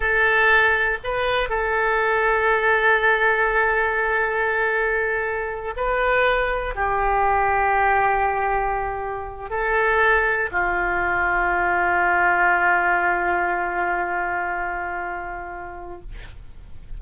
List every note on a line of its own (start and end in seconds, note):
0.00 0.98 A4
1.03 1.49 B4
1.49 5.74 A4
5.76 6.75 B4
6.75 9.50 G4
9.50 10.50 A4
10.51 16.01 F4